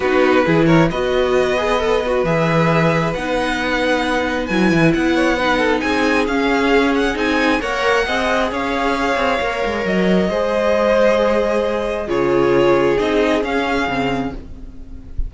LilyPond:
<<
  \new Staff \with { instrumentName = "violin" } { \time 4/4 \tempo 4 = 134 b'4. cis''8 dis''2~ | dis''4 e''2 fis''4~ | fis''2 gis''4 fis''4~ | fis''4 gis''4 f''4. fis''8 |
gis''4 fis''2 f''4~ | f''2 dis''2~ | dis''2. cis''4~ | cis''4 dis''4 f''2 | }
  \new Staff \with { instrumentName = "violin" } { \time 4/4 fis'4 gis'8 ais'8 b'2~ | b'1~ | b'2.~ b'8 cis''8 | b'8 a'8 gis'2.~ |
gis'4 cis''4 dis''4 cis''4~ | cis''2. c''4~ | c''2. gis'4~ | gis'1 | }
  \new Staff \with { instrumentName = "viola" } { \time 4/4 dis'4 e'4 fis'4. gis'8 | a'8 fis'8 gis'2 dis'4~ | dis'2 e'2 | dis'2 cis'2 |
dis'4 ais'4 gis'2~ | gis'4 ais'2 gis'4~ | gis'2. f'4~ | f'4 dis'4 cis'4 c'4 | }
  \new Staff \with { instrumentName = "cello" } { \time 4/4 b4 e4 b2~ | b4 e2 b4~ | b2 fis8 e8 b4~ | b4 c'4 cis'2 |
c'4 ais4 c'4 cis'4~ | cis'8 c'8 ais8 gis8 fis4 gis4~ | gis2. cis4~ | cis4 c'4 cis'4 cis4 | }
>>